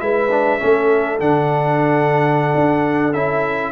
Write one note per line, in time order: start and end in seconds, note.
0.00 0.60 G#3
0.00 0.30 E4
0.00 0.61 B4
0.00 1.20 E5
0.31 0.60 D4
0.60 1.20 A3
0.60 1.19 C#4
0.60 3.72 A4
1.20 2.54 D3
1.20 3.13 D4
1.20 3.14 F#5
2.55 3.14 D4
3.14 3.72 C#4
3.14 3.72 E4
3.14 3.72 E5